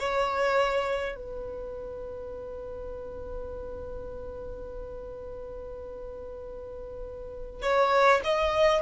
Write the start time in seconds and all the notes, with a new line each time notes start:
0.00 C#5
1.16 B4
7.63 C#5
8.24 D#5